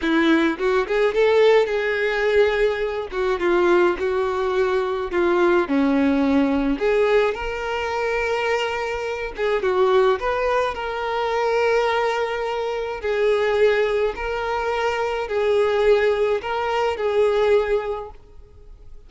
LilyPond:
\new Staff \with { instrumentName = "violin" } { \time 4/4 \tempo 4 = 106 e'4 fis'8 gis'8 a'4 gis'4~ | gis'4. fis'8 f'4 fis'4~ | fis'4 f'4 cis'2 | gis'4 ais'2.~ |
ais'8 gis'8 fis'4 b'4 ais'4~ | ais'2. gis'4~ | gis'4 ais'2 gis'4~ | gis'4 ais'4 gis'2 | }